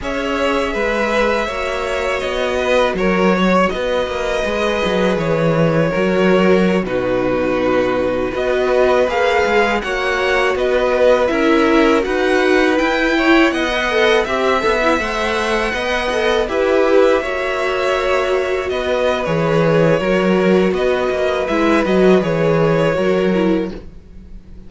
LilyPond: <<
  \new Staff \with { instrumentName = "violin" } { \time 4/4 \tempo 4 = 81 e''2. dis''4 | cis''4 dis''2 cis''4~ | cis''4~ cis''16 b'2 dis''8.~ | dis''16 f''4 fis''4 dis''4 e''8.~ |
e''16 fis''4 g''4 fis''4 e''8.~ | e''16 fis''2 e''4.~ e''16~ | e''4~ e''16 dis''8. cis''2 | dis''4 e''8 dis''8 cis''2 | }
  \new Staff \with { instrumentName = "violin" } { \time 4/4 cis''4 b'4 cis''4. b'8 | ais'8 cis''8 b'2. | ais'4~ ais'16 fis'2 b'8.~ | b'4~ b'16 cis''4 b'4 ais'8.~ |
ais'16 b'4. cis''8 dis''4 e''8.~ | e''4~ e''16 dis''4 b'4 cis''8.~ | cis''4~ cis''16 b'4.~ b'16 ais'4 | b'2. ais'4 | }
  \new Staff \with { instrumentName = "viola" } { \time 4/4 gis'2 fis'2~ | fis'2 gis'2 | fis'4~ fis'16 dis'2 fis'8.~ | fis'16 gis'4 fis'2 e'8.~ |
e'16 fis'4 e'4~ e'16 b'16 a'8 g'8 a'16 | e'16 c''4 b'8 a'8 g'4 fis'8.~ | fis'2 gis'4 fis'4~ | fis'4 e'8 fis'8 gis'4 fis'8 e'8 | }
  \new Staff \with { instrumentName = "cello" } { \time 4/4 cis'4 gis4 ais4 b4 | fis4 b8 ais8 gis8 fis8 e4 | fis4~ fis16 b,2 b8.~ | b16 ais8 gis8 ais4 b4 cis'8.~ |
cis'16 dis'4 e'4 b4 c'8 b16~ | b16 a4 b4 e'4 ais8.~ | ais4~ ais16 b8. e4 fis4 | b8 ais8 gis8 fis8 e4 fis4 | }
>>